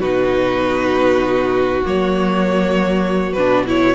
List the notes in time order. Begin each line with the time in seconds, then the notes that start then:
0.00 B2 D#4 F#4 B4
1.85 F#3 A#3 C#5
3.33 B2 D4 B4
3.67 E4 C#5